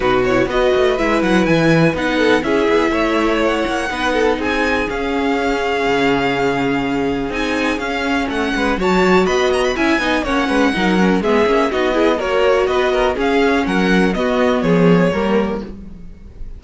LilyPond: <<
  \new Staff \with { instrumentName = "violin" } { \time 4/4 \tempo 4 = 123 b'8 cis''8 dis''4 e''8 fis''8 gis''4 | fis''4 e''2 fis''4~ | fis''4 gis''4 f''2~ | f''2. gis''4 |
f''4 fis''4 a''4 b''8 ais''16 b''16 | gis''4 fis''2 e''4 | dis''4 cis''4 dis''4 f''4 | fis''4 dis''4 cis''2 | }
  \new Staff \with { instrumentName = "violin" } { \time 4/4 fis'4 b'2.~ | b'8 a'8 gis'4 cis''2 | b'8 a'8 gis'2.~ | gis'1~ |
gis'4 a'8 b'8 cis''4 dis''4 | e''8 dis''8 cis''8 b'8 ais'4 gis'4 | fis'8 gis'8 ais'4 b'8 ais'8 gis'4 | ais'4 fis'4 gis'4 ais'4 | }
  \new Staff \with { instrumentName = "viola" } { \time 4/4 dis'8 e'8 fis'4 e'2 | dis'4 e'2. | dis'2 cis'2~ | cis'2. dis'4 |
cis'2 fis'2 | e'8 dis'8 cis'4 dis'8 cis'8 b8 cis'8 | dis'8 e'8 fis'2 cis'4~ | cis'4 b2 ais4 | }
  \new Staff \with { instrumentName = "cello" } { \time 4/4 b,4 b8 a8 gis8 fis8 e4 | b4 cis'8 b8 a4. ais8 | b4 c'4 cis'2 | cis2. c'4 |
cis'4 a8 gis8 fis4 b4 | cis'8 b8 ais8 gis8 fis4 gis8 ais8 | b4 ais4 b4 cis'4 | fis4 b4 f4 g4 | }
>>